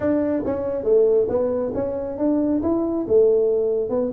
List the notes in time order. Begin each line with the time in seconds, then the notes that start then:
0.00 D4
0.45 C#4
0.83 A3
1.28 B3
1.74 C#4
2.18 D4
2.62 E4
3.08 A3
3.89 B3